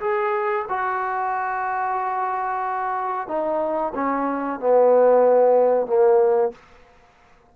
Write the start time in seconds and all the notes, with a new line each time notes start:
0.00 G#4
0.69 F#4
3.28 D#4
3.95 C#4
4.59 B3
5.86 A#3